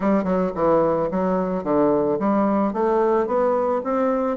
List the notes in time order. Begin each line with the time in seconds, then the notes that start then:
0.00 G3
0.24 F#3
0.55 E3
1.10 F#3
1.63 D3
2.19 G3
2.73 A3
3.27 B3
3.83 C4